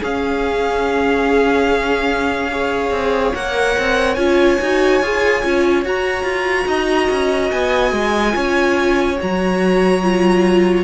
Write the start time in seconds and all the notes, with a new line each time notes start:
0.00 C#4 G#4 F5
2.51 G#4 C#5
2.90 C4
3.34 A#3 A#4 F#5
3.78 C4
4.15 C#4 F4 G#5
4.61 D#4 F#4
5.02 F4 G#4
5.44 C#4 F4
5.85 F#4 A#5
6.24 F4
6.67 D#4 D#5
7.10 C#4
7.51 B3 G#5
7.92 G#3
8.32 C#4 F4 C#5
9.19 F#3 F#4 A#5
10.02 F4